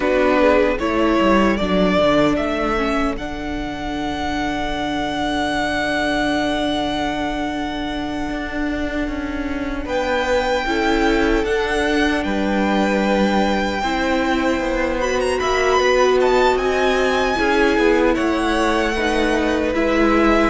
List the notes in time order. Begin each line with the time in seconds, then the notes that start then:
0.00 B3 D4 F#4 B4
0.40 G#4
0.77 A3 E4 A4 C#5
1.20 G3
1.56 F#3 D4 D5
1.98 D3
2.36 A3 E5
2.76 C#4
3.15 D3 D4 F#5
8.29 D4
9.07 C#4
9.85 B3 B4 G5
10.65 C#4 E4 A4
11.44 D4 F#5
12.23 G3 B4 G5
13.82 C4 E4 C5
14.59 B3
15.00 F#4 B5
15.20 A#5
15.39 A#3 E5 B5
15.77 B3 B4
16.20 D#5 A5
16.55 C4 G#5
17.35 C#4 E4 G#4
17.77 B3
18.14 A3 C#5 F#5
18.95 D#4 B4
19.73 G#3 E4 E5